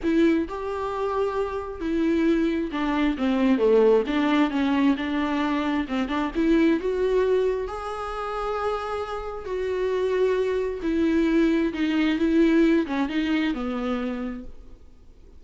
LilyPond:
\new Staff \with { instrumentName = "viola" } { \time 4/4 \tempo 4 = 133 e'4 g'2. | e'2 d'4 c'4 | a4 d'4 cis'4 d'4~ | d'4 c'8 d'8 e'4 fis'4~ |
fis'4 gis'2.~ | gis'4 fis'2. | e'2 dis'4 e'4~ | e'8 cis'8 dis'4 b2 | }